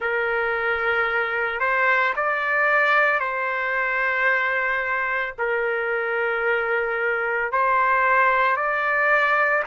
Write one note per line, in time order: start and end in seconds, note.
0.00 1.60 A#4
1.60 2.13 C5
2.15 3.19 D5
3.19 5.33 C5
5.38 7.52 A#4
7.52 8.56 C5
8.56 9.63 D5